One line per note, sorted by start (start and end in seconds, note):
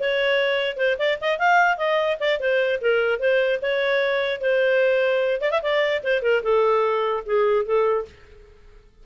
0.00 0.77 C#5
0.77 0.97 C5
0.99 1.19 D5
1.21 1.39 D#5
1.39 1.78 F5
1.78 2.18 D#5
2.20 2.40 D5
2.40 2.80 C5
2.81 3.20 A#4
3.20 3.60 C5
3.62 4.41 C#5
4.41 5.41 C5
5.41 5.51 D5
5.51 5.62 E5
5.62 6.03 D5
6.04 6.22 C5
6.22 6.42 A#4
6.43 7.24 A4
7.26 7.65 G#4
7.65 8.06 A4